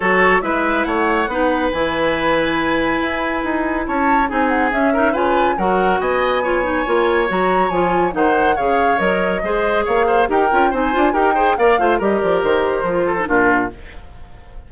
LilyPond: <<
  \new Staff \with { instrumentName = "flute" } { \time 4/4 \tempo 4 = 140 cis''4 e''4 fis''2 | gis''1~ | gis''4 a''4 gis''8 fis''8 e''4 | gis''4 fis''4 gis''2~ |
gis''4 ais''4 gis''4 fis''4 | f''4 dis''2 f''4 | g''4 gis''4 g''4 f''4 | dis''8 d''8 c''2 ais'4 | }
  \new Staff \with { instrumentName = "oboe" } { \time 4/4 a'4 b'4 cis''4 b'4~ | b'1~ | b'4 cis''4 gis'4. ais'8 | b'4 ais'4 dis''4 cis''4~ |
cis''2. c''4 | cis''2 c''4 cis''8 c''8 | ais'4 c''4 ais'8 c''8 d''8 c''8 | ais'2~ ais'8 a'8 f'4 | }
  \new Staff \with { instrumentName = "clarinet" } { \time 4/4 fis'4 e'2 dis'4 | e'1~ | e'2 dis'4 cis'8 dis'8 | f'4 fis'2 f'8 dis'8 |
f'4 fis'4 f'4 dis'4 | gis'4 ais'4 gis'2 | g'8 f'8 dis'8 f'8 g'8 gis'8 ais'8 f'8 | g'2 f'8. dis'16 d'4 | }
  \new Staff \with { instrumentName = "bassoon" } { \time 4/4 fis4 gis4 a4 b4 | e2. e'4 | dis'4 cis'4 c'4 cis'4 | cis4 fis4 b2 |
ais4 fis4 f4 dis4 | cis4 fis4 gis4 ais4 | dis'8 cis'8 c'8 d'8 dis'4 ais8 a8 | g8 f8 dis4 f4 ais,4 | }
>>